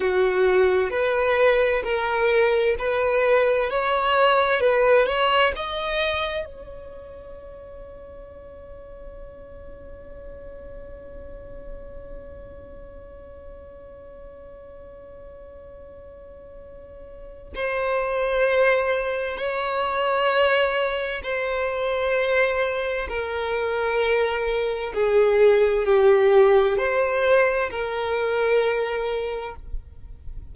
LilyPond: \new Staff \with { instrumentName = "violin" } { \time 4/4 \tempo 4 = 65 fis'4 b'4 ais'4 b'4 | cis''4 b'8 cis''8 dis''4 cis''4~ | cis''1~ | cis''1~ |
cis''2. c''4~ | c''4 cis''2 c''4~ | c''4 ais'2 gis'4 | g'4 c''4 ais'2 | }